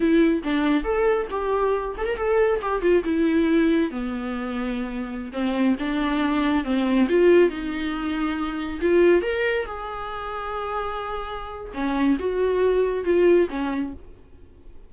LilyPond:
\new Staff \with { instrumentName = "viola" } { \time 4/4 \tempo 4 = 138 e'4 d'4 a'4 g'4~ | g'8 a'16 ais'16 a'4 g'8 f'8 e'4~ | e'4 b2.~ | b16 c'4 d'2 c'8.~ |
c'16 f'4 dis'2~ dis'8.~ | dis'16 f'4 ais'4 gis'4.~ gis'16~ | gis'2. cis'4 | fis'2 f'4 cis'4 | }